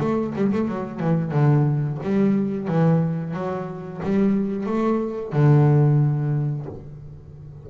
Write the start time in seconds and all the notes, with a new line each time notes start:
0.00 A3
0.35 G3
0.52 A3
0.68 F#3
1.00 E3
1.32 D3
2.03 G3
2.68 E3
3.34 F#3
4.03 G3
4.66 A3
5.32 D3